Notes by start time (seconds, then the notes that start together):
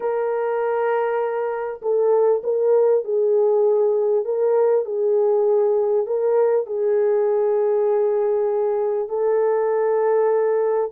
0.00 A#4
1.82 A4
2.43 A#4
3.04 G#4
4.25 A#4
4.85 G#4
6.06 A#4
6.66 G#4
9.09 A4